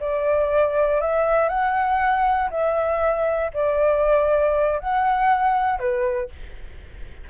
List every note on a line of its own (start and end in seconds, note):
0.00 1.01 D5
1.01 1.49 E5
1.49 2.50 F#5
2.50 3.51 E5
3.54 4.79 D5
4.79 5.79 F#5
5.79 6.30 B4